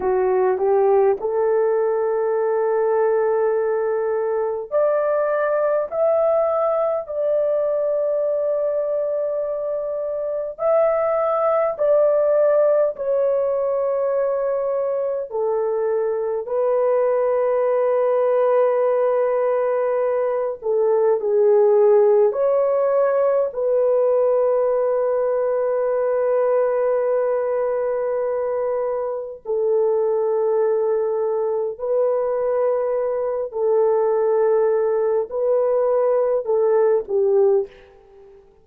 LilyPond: \new Staff \with { instrumentName = "horn" } { \time 4/4 \tempo 4 = 51 fis'8 g'8 a'2. | d''4 e''4 d''2~ | d''4 e''4 d''4 cis''4~ | cis''4 a'4 b'2~ |
b'4. a'8 gis'4 cis''4 | b'1~ | b'4 a'2 b'4~ | b'8 a'4. b'4 a'8 g'8 | }